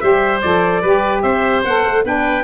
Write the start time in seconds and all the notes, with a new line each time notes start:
0.00 G3 G4 C5 E5
0.42 F3 A4 D5
0.82 G3 G4 B4
1.22 C4 C5 E5
1.64 B3 A4 F#5
1.86 A3
2.04 B3 D4 B4 G5